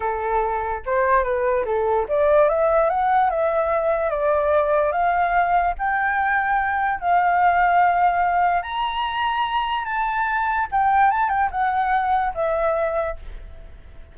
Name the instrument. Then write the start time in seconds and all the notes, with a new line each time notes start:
flute
0.00 A4
0.85 C5
1.23 B4
1.65 A4
2.08 D5
2.48 E5
2.89 F#5
3.30 E5
4.10 D5
4.92 F5
5.78 G5
7.00 F5
8.62 A#5
9.84 A5
10.71 G5
11.11 A5
11.29 G5
11.51 F#5
12.34 E5